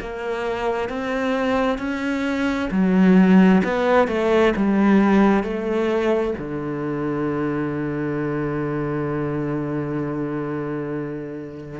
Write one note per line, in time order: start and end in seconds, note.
0.00 0.88 A#3
0.88 1.78 C4
1.78 2.69 C#4
2.71 3.62 F#3
3.63 4.07 B3
4.07 4.53 A3
4.56 5.43 G3
5.43 6.34 A3
6.38 11.80 D3